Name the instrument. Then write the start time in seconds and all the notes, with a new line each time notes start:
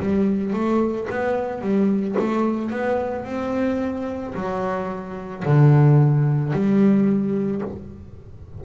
double bass
0.00 G3
0.54 A3
1.11 B3
1.62 G3
2.19 A3
2.71 B3
3.25 C4
4.35 F#3
5.45 D3
6.53 G3